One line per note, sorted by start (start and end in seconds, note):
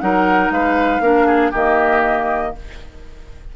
0.00 0.50 F#3
0.00 1.02 D#4
0.00 0.53 A#4
0.00 0.51 F#5
0.50 1.00 G#3
0.50 1.02 B4
0.50 1.53 F5
1.00 1.51 A#3
1.00 1.53 D4
1.00 1.26 A#4
1.26 1.51 G#4
1.51 2.55 D#3
1.51 2.56 A#3
1.51 2.52 G4
1.51 2.55 D#5